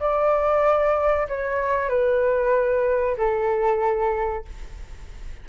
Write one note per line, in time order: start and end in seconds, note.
0.00 1.28 D5
1.28 1.89 C#5
1.89 3.17 B4
3.17 4.45 A4